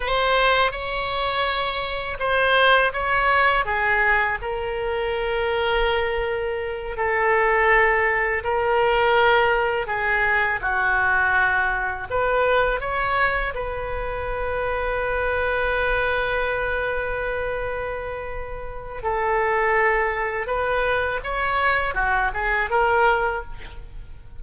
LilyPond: \new Staff \with { instrumentName = "oboe" } { \time 4/4 \tempo 4 = 82 c''4 cis''2 c''4 | cis''4 gis'4 ais'2~ | ais'4. a'2 ais'8~ | ais'4. gis'4 fis'4.~ |
fis'8 b'4 cis''4 b'4.~ | b'1~ | b'2 a'2 | b'4 cis''4 fis'8 gis'8 ais'4 | }